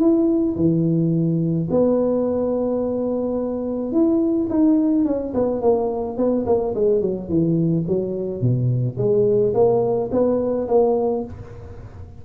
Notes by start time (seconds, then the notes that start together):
0.00 E4
0.56 E3
1.71 B3
3.92 E4
4.50 D#4
5.05 C#4
5.34 B3
5.62 A#3
6.17 B3
6.46 A#3
6.75 G#3
7.01 F#3
7.29 E3
7.87 F#3
8.41 B2
8.98 G#3
9.54 A#3
10.12 B3
10.68 A#3